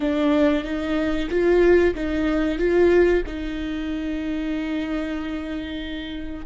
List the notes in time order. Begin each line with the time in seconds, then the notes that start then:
0.00 D4
0.64 D#4
1.30 F4
1.94 D#4
2.58 F4
3.26 D#4